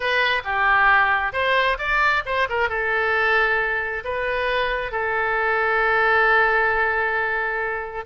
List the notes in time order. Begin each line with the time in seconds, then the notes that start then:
0.00 B4
0.44 G4
1.32 C5
1.78 D5
2.25 C5
2.49 A#4
2.69 A4
4.04 B4
4.91 A4